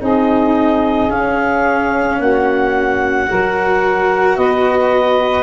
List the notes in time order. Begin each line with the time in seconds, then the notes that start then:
0.00 C4 D#4 G#4 D#5
1.09 C#4 F5
2.19 A#3 F#4 F#5
3.27 F#3 F#4 A#4
4.37 B3 B4 D#5